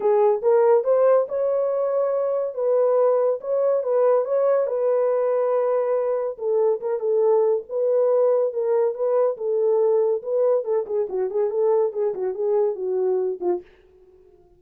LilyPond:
\new Staff \with { instrumentName = "horn" } { \time 4/4 \tempo 4 = 141 gis'4 ais'4 c''4 cis''4~ | cis''2 b'2 | cis''4 b'4 cis''4 b'4~ | b'2. a'4 |
ais'8 a'4. b'2 | ais'4 b'4 a'2 | b'4 a'8 gis'8 fis'8 gis'8 a'4 | gis'8 fis'8 gis'4 fis'4. f'8 | }